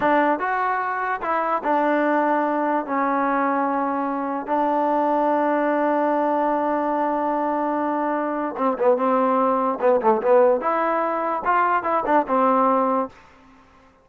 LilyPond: \new Staff \with { instrumentName = "trombone" } { \time 4/4 \tempo 4 = 147 d'4 fis'2 e'4 | d'2. cis'4~ | cis'2. d'4~ | d'1~ |
d'1~ | d'4 c'8 b8 c'2 | b8 a8 b4 e'2 | f'4 e'8 d'8 c'2 | }